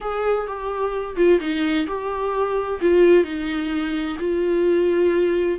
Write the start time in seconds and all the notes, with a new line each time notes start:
0.00 G#4
0.47 G4
1.16 F4
1.40 D#4
1.87 G4
2.81 F4
3.23 D#4
4.19 F4